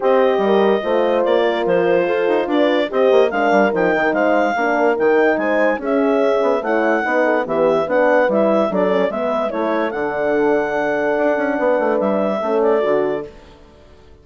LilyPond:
<<
  \new Staff \with { instrumentName = "clarinet" } { \time 4/4 \tempo 4 = 145 dis''2. d''4 | c''2 d''4 dis''4 | f''4 g''4 f''2 | g''4 gis''4 e''2 |
fis''2 e''4 fis''4 | e''4 d''4 e''4 cis''4 | fis''1~ | fis''4 e''4. d''4. | }
  \new Staff \with { instrumentName = "horn" } { \time 4/4 c''4 ais'4 c''4. ais'8~ | ais'4 a'4 b'4 c''4 | ais'2 c''4 ais'4~ | ais'4 c''4 gis'2 |
cis''4 b'8 a'8 g'4 b'4~ | b'4 a'4 b'4 a'4~ | a'1 | b'2 a'2 | }
  \new Staff \with { instrumentName = "horn" } { \time 4/4 g'2 f'2~ | f'2. g'4 | d'4 dis'2 d'4 | dis'2 cis'2 |
e'4 dis'4 b4 d'4 | e'4 d'8 cis'8 b4 e'4 | d'1~ | d'2 cis'4 fis'4 | }
  \new Staff \with { instrumentName = "bassoon" } { \time 4/4 c'4 g4 a4 ais4 | f4 f'8 dis'8 d'4 c'8 ais8 | gis8 g8 f8 dis8 gis4 ais4 | dis4 gis4 cis'4. b8 |
a4 b4 e4 b4 | g4 fis4 gis4 a4 | d2. d'8 cis'8 | b8 a8 g4 a4 d4 | }
>>